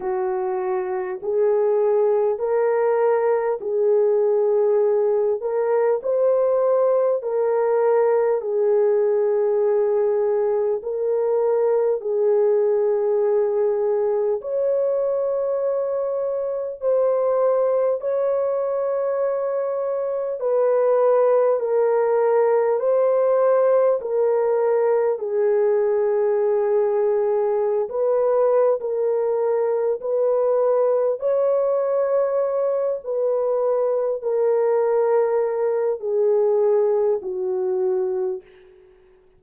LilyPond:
\new Staff \with { instrumentName = "horn" } { \time 4/4 \tempo 4 = 50 fis'4 gis'4 ais'4 gis'4~ | gis'8 ais'8 c''4 ais'4 gis'4~ | gis'4 ais'4 gis'2 | cis''2 c''4 cis''4~ |
cis''4 b'4 ais'4 c''4 | ais'4 gis'2~ gis'16 b'8. | ais'4 b'4 cis''4. b'8~ | b'8 ais'4. gis'4 fis'4 | }